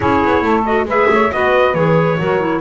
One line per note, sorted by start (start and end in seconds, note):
0.00 0.23 C#4
0.00 0.63 E4
0.00 0.43 G#4
0.00 0.64 C#5
0.24 0.42 B3
0.42 0.84 A3
0.42 0.87 A4
0.64 0.86 F#4
0.64 0.87 D#5
0.84 1.06 G#3
0.84 1.31 G#4
0.84 1.09 B4
0.84 1.32 E5
1.09 1.31 A3
1.09 1.32 C#5
1.31 1.74 B3
1.31 1.74 F#4
1.31 2.19 B4
1.31 1.74 D#5
1.74 2.18 E3
1.74 2.18 G#4
1.74 2.61 C#5
2.18 2.61 F#3
2.18 2.40 F#4
2.18 2.61 A#4
2.40 2.61 E4